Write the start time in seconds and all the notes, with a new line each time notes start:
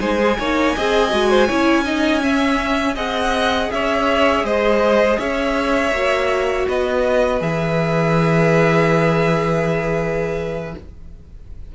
0.00 G#3 D#4 C5 G#5
0.20 G#4
0.39 A#3 D#4 C#5
0.76 C4 G#4 D#5
1.11 G#3 F#4
1.31 C5
1.47 C#4 E4 C#5
1.85 D#4 D#5
2.21 C#4 E5
2.96 C4 G#4 D#5 F#5
3.72 C#4 C#5 E5
4.44 G#3 C5 D#5
5.19 C#4 C#5 E5
5.92 A#3 F#4
6.68 B3 B4 D#5
7.40 E3 G#4 E5